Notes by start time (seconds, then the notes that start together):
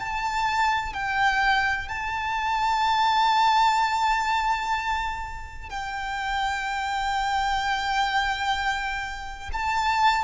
0.00 A5
0.94 G5
1.89 A5
5.70 G5
9.53 A5